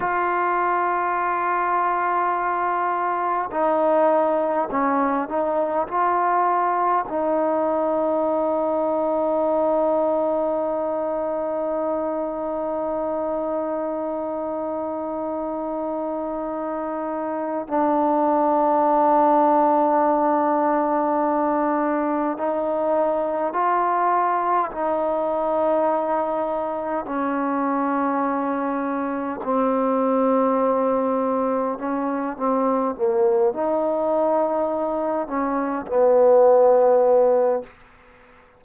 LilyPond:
\new Staff \with { instrumentName = "trombone" } { \time 4/4 \tempo 4 = 51 f'2. dis'4 | cis'8 dis'8 f'4 dis'2~ | dis'1~ | dis'2. d'4~ |
d'2. dis'4 | f'4 dis'2 cis'4~ | cis'4 c'2 cis'8 c'8 | ais8 dis'4. cis'8 b4. | }